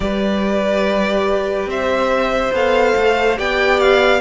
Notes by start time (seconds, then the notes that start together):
0.00 G3 G4 B4 D5
1.65 C4 C5 E5
2.52 B3 A4 F5
2.96 A3
3.36 B3 G4 D5 G5
3.80 F5